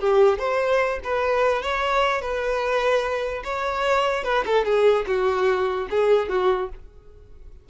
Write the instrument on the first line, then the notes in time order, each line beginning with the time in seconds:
violin
0.00 G4
0.39 C5
1.04 B4
1.62 C#5
2.22 B4
3.44 C#5
4.24 B4
4.46 A4
4.65 G#4
5.07 F#4
5.91 G#4
6.29 F#4